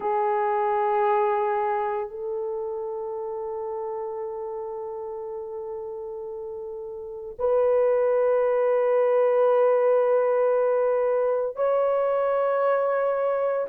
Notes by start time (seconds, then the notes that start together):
0.00 G#4
2.09 A4
7.39 B4
11.56 C#5